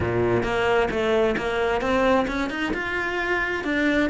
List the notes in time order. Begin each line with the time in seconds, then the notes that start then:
0.00 A#2
0.43 A#3
0.90 A3
1.37 A#3
1.81 C4
2.27 C#4
2.50 D#4
2.73 F4
3.64 D4